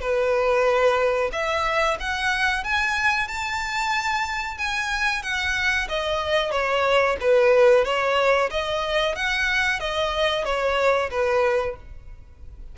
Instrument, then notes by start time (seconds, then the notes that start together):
violin
0.00 B4
1.32 E5
2.00 F#5
2.64 G#5
3.28 A5
4.58 G#5
5.22 F#5
5.88 D#5
6.51 C#5
7.20 B4
7.85 C#5
8.50 D#5
9.15 F#5
9.79 D#5
10.45 C#5
11.10 B4